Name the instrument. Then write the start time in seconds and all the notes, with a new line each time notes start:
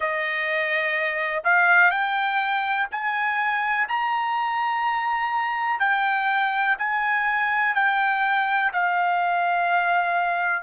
trumpet
0.00 D#5
1.44 F5
1.90 G5
2.91 G#5
3.88 A#5
5.79 G5
6.78 G#5
7.75 G5
8.72 F5